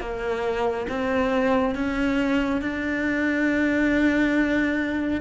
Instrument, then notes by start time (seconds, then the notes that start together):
cello
0.00 A#3
0.89 C4
1.75 C#4
2.61 D4